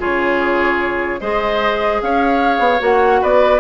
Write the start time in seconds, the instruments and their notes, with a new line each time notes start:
0.00 bassoon C#3, clarinet F4, oboe G#4, flute C#5
1.21 bassoon G#3, clarinet G#4, oboe C5, flute D#5
2.02 bassoon C#4, oboe C#5, flute F5
2.59 bassoon B3
2.80 bassoon A#3, clarinet F#4, flute F#5
3.22 bassoon B3, oboe B4, flute D5